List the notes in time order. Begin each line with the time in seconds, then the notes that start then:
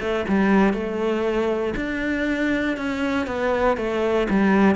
0.00 A3
0.28 G3
0.73 A3
1.76 D4
2.77 C#4
3.26 B3
3.77 A3
4.29 G3